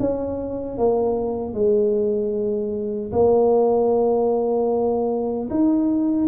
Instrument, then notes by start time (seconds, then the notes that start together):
tuba
0.00 C#4
0.78 A#3
1.54 G#3
3.12 A#3
5.50 D#4